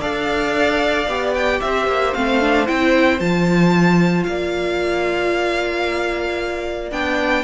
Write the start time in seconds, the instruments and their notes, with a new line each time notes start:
0.00 cello D4, viola A4, violin D5 F5
1.07 cello B3, viola G4
1.34 violin G5
1.60 cello C4, violin C5 E5
1.87 cello A#3
2.13 cello A3, viola C4, violin F5
2.40 viola D4
2.66 cello C4, viola E4, violin G5
3.19 cello F3, viola F4, violin A5
4.23 cello A#3, violin D5 F5
6.91 cello B3, viola D4, violin G5